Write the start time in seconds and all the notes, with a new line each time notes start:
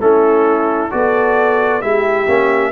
0.00 A3 C#4 E4 A4
0.91 B3 F#4 A4 D5
1.81 G#3 E4 G4 E5
2.28 A#3 C#4